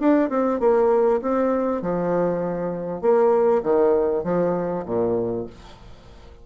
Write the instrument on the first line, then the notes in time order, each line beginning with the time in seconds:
bassoon
0.00 D4
0.30 C4
0.60 A#3
1.22 C4
1.82 F3
3.02 A#3
3.63 D#3
4.24 F3
4.86 A#2